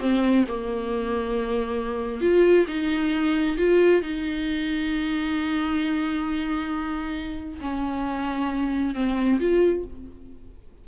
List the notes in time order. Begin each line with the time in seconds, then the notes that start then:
0.00 C4
0.47 A#3
2.21 F4
2.67 D#4
3.57 F4
4.01 D#4
7.61 C#4
8.94 C4
9.39 F4